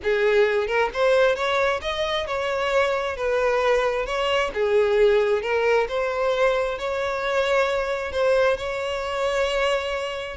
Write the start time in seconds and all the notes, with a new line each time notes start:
0.03 G#4
0.67 A#4
0.93 C5
1.35 C#5
1.81 D#5
2.26 C#5
3.16 B4
4.05 C#5
4.53 G#4
5.42 A#4
5.88 C5
6.78 C#5
8.12 C5
8.57 C#5